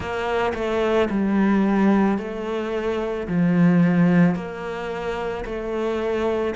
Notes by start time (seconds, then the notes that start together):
0.00 A#3
0.54 A3
1.10 G3
2.18 A3
3.27 F3
4.35 A#3
5.45 A3